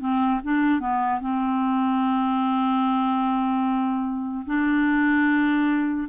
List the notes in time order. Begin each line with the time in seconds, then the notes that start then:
0.00 C4
0.43 D4
0.80 B3
1.21 C4
4.46 D4